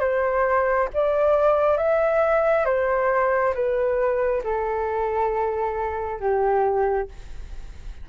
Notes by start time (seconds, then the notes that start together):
0.00 C5
0.93 D5
1.77 E5
2.65 C5
3.54 B4
4.43 A4
6.20 G4